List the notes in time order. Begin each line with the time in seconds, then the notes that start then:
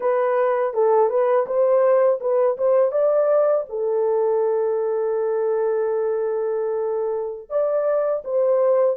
0.00 B4
0.73 A4
1.09 B4
1.46 C5
2.20 B4
2.57 C5
2.91 D5
3.69 A4
7.49 D5
8.24 C5